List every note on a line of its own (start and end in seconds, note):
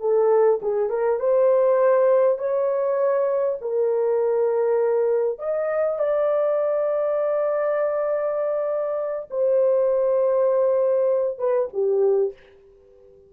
0.00 0.60 A4
0.62 0.89 G#4
0.89 1.19 A#4
1.19 2.38 C5
2.38 3.58 C#5
3.61 5.39 A#4
5.39 5.99 D#5
5.99 9.29 D5
9.30 11.38 C5
11.38 11.68 B4
11.73 12.33 G4